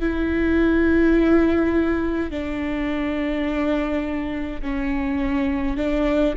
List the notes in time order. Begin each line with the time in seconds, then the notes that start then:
0.00 E4
2.30 D4
4.62 C#4
5.77 D4